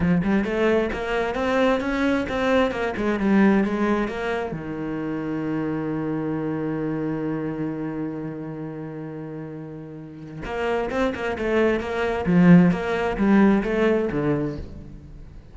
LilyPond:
\new Staff \with { instrumentName = "cello" } { \time 4/4 \tempo 4 = 132 f8 g8 a4 ais4 c'4 | cis'4 c'4 ais8 gis8 g4 | gis4 ais4 dis2~ | dis1~ |
dis1~ | dis2. ais4 | c'8 ais8 a4 ais4 f4 | ais4 g4 a4 d4 | }